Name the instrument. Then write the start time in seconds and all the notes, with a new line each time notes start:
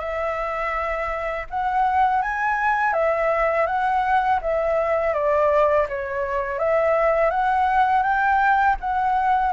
flute
0.00 E5
1.50 F#5
2.22 G#5
2.94 E5
3.67 F#5
4.42 E5
5.14 D5
5.89 C#5
6.59 E5
7.31 F#5
8.03 G5
8.81 F#5